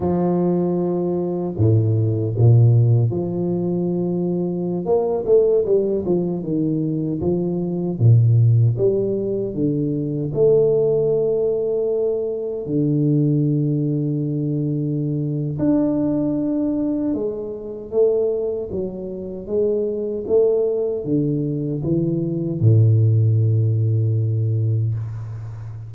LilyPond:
\new Staff \with { instrumentName = "tuba" } { \time 4/4 \tempo 4 = 77 f2 a,4 ais,4 | f2~ f16 ais8 a8 g8 f16~ | f16 dis4 f4 ais,4 g8.~ | g16 d4 a2~ a8.~ |
a16 d2.~ d8. | d'2 gis4 a4 | fis4 gis4 a4 d4 | e4 a,2. | }